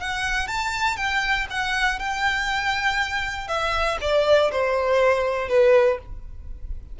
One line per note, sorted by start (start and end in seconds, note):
0.00 0.47 F#5
0.47 0.97 A5
0.97 1.47 G5
1.50 1.99 F#5
1.99 3.48 G5
3.48 3.98 E5
4.01 4.51 D5
4.51 5.49 C5
5.49 5.99 B4